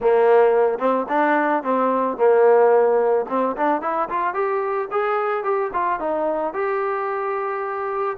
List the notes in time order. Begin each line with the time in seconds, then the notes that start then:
0.00 A#3
0.78 C4
1.08 D4
1.63 C4
2.17 A#3
3.29 C4
3.56 D4
3.81 E4
4.09 F4
4.34 G4
4.91 G#4
5.43 G4
5.73 F4
5.99 D#4
6.53 G4